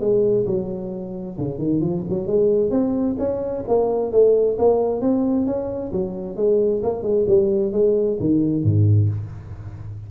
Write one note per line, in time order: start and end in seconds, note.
0.00 0.45 G#3
0.46 1.37 F#3
1.38 1.58 C#3
1.58 1.81 D#3
1.81 2.04 F3
2.09 2.27 F#3
2.27 2.70 G#3
2.70 3.16 C4
3.19 3.64 C#4
3.68 4.12 A#3
4.12 4.57 A3
4.58 5.01 A#3
5.01 5.46 C4
5.46 5.92 C#4
5.92 6.36 F#3
6.36 6.82 G#3
6.83 7.02 A#3
7.02 7.25 G#3
7.28 7.72 G3
7.72 8.18 G#3
8.20 8.64 D#3
8.64 9.09 G#2